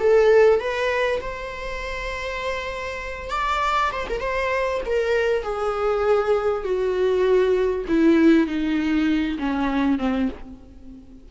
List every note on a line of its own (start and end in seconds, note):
0.00 0.60 A4
0.60 1.21 B4
1.21 3.30 C5
3.30 3.91 D5
3.92 4.07 C5
4.10 4.20 A#4
4.20 4.81 C5
4.86 5.43 A#4
5.43 6.64 G#4
6.64 7.85 F#4
7.88 8.47 E4
8.47 9.38 D#4
9.39 9.99 C#4
9.99 10.29 C4